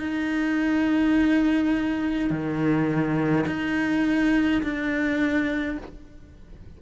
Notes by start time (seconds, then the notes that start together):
0.00 D#4
2.30 D#3
3.47 D#4
4.63 D4